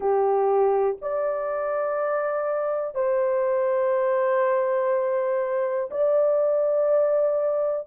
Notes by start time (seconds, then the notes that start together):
0.00 G4
1.01 D5
2.94 C5
5.90 D5